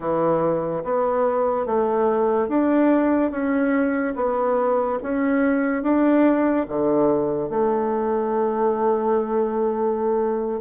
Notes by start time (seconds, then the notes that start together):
0.00 E3
0.83 B3
1.66 A3
2.48 D4
3.31 C#4
4.15 B3
5.02 C#4
5.83 D4
6.68 D3
7.49 A3